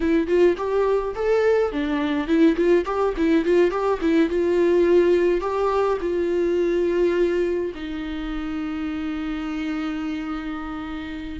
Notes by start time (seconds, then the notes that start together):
0.00 E4
0.27 F4
0.57 G4
1.15 A4
1.71 D4
2.27 E4
2.56 F4
2.85 G4
3.16 E4
3.44 F4
3.70 G4
4.01 E4
4.29 F4
5.41 G4
6.00 F4
7.74 D#4